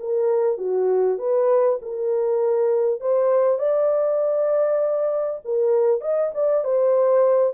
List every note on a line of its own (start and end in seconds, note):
0.00 0.58 A#4
0.58 1.18 F#4
1.18 1.79 B4
1.82 3.01 A#4
3.01 3.59 C5
3.59 5.41 D5
5.45 6.01 A#4
6.01 6.32 D#5
6.34 6.65 D5
6.65 7.54 C5